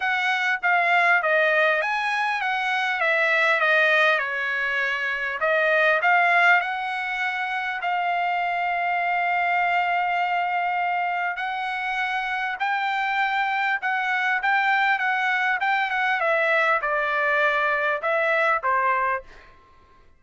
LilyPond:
\new Staff \with { instrumentName = "trumpet" } { \time 4/4 \tempo 4 = 100 fis''4 f''4 dis''4 gis''4 | fis''4 e''4 dis''4 cis''4~ | cis''4 dis''4 f''4 fis''4~ | fis''4 f''2.~ |
f''2. fis''4~ | fis''4 g''2 fis''4 | g''4 fis''4 g''8 fis''8 e''4 | d''2 e''4 c''4 | }